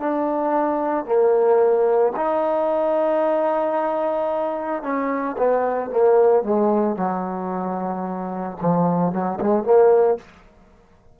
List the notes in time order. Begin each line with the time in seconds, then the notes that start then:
0.00 D4
1.05 A#3
2.16 D#4
4.83 C#4
5.38 B3
5.90 A#3
6.43 G#3
6.96 F#3
8.61 F3
9.12 F#3
9.40 G#3
9.64 A#3